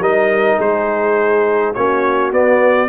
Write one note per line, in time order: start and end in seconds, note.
0.00 0.58 G3
0.00 1.75 D#4
0.00 0.59 A#4
0.00 0.61 D#5
0.59 1.75 G#3
0.59 1.74 G#4
0.59 1.74 C5
1.74 2.33 A#3
1.74 2.33 C#4
1.74 2.90 F#4
1.74 2.32 C#5
2.33 2.90 B3
2.33 2.90 D5